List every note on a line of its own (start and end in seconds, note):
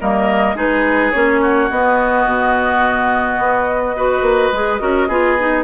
0.00 0.54 G3
0.00 0.55 A#3
0.00 0.55 A#4
0.00 0.57 D#5
0.54 1.11 G#3
0.54 1.12 D#4
0.54 1.40 G#4
0.54 1.11 B4
1.11 1.70 A#3
1.11 1.70 C#4
1.11 1.68 C#5
1.41 3.96 F#4
1.70 2.26 B3
1.70 3.96 B3
1.70 5.64 D#5
2.26 3.38 B2
3.38 4.21 B3
3.96 4.53 F#4
3.96 4.81 B4
4.21 4.50 A#3
4.52 4.80 G#3
4.52 4.79 G#4
4.79 5.08 C#4
4.79 5.08 F#4
4.79 5.08 A#4
5.08 5.64 B3
5.08 5.38 F4
5.08 5.64 G#4
5.38 5.64 D#4